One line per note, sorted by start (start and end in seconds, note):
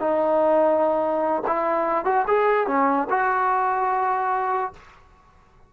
0.00 1.43 D#4
1.47 2.05 E4
2.05 2.26 F#4
2.27 2.67 G#4
2.67 3.08 C#4
3.10 4.73 F#4